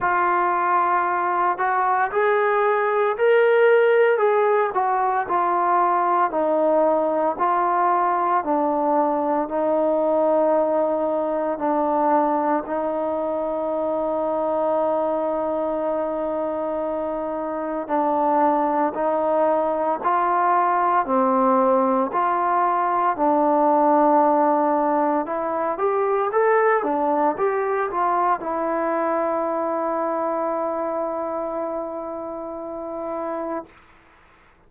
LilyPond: \new Staff \with { instrumentName = "trombone" } { \time 4/4 \tempo 4 = 57 f'4. fis'8 gis'4 ais'4 | gis'8 fis'8 f'4 dis'4 f'4 | d'4 dis'2 d'4 | dis'1~ |
dis'4 d'4 dis'4 f'4 | c'4 f'4 d'2 | e'8 g'8 a'8 d'8 g'8 f'8 e'4~ | e'1 | }